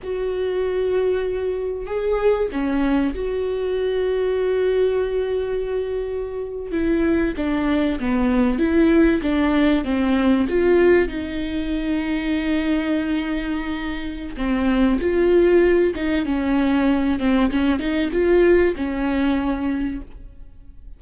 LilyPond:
\new Staff \with { instrumentName = "viola" } { \time 4/4 \tempo 4 = 96 fis'2. gis'4 | cis'4 fis'2.~ | fis'2~ fis'8. e'4 d'16~ | d'8. b4 e'4 d'4 c'16~ |
c'8. f'4 dis'2~ dis'16~ | dis'2. c'4 | f'4. dis'8 cis'4. c'8 | cis'8 dis'8 f'4 cis'2 | }